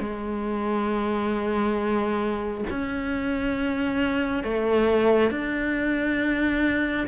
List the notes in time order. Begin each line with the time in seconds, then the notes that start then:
0.00 G#3
2.70 C#4
4.44 A3
5.31 D4